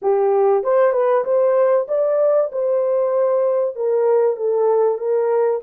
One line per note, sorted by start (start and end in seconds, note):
0.02 0.63 G4
0.63 0.92 C5
0.92 1.23 B4
1.24 1.86 C5
1.88 2.50 D5
2.52 3.75 C5
3.75 4.36 A#4
4.36 4.98 A4
4.98 5.60 A#4